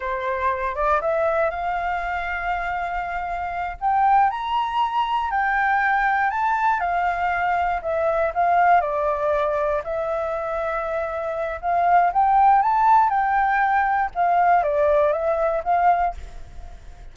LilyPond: \new Staff \with { instrumentName = "flute" } { \time 4/4 \tempo 4 = 119 c''4. d''8 e''4 f''4~ | f''2.~ f''8 g''8~ | g''8 ais''2 g''4.~ | g''8 a''4 f''2 e''8~ |
e''8 f''4 d''2 e''8~ | e''2. f''4 | g''4 a''4 g''2 | f''4 d''4 e''4 f''4 | }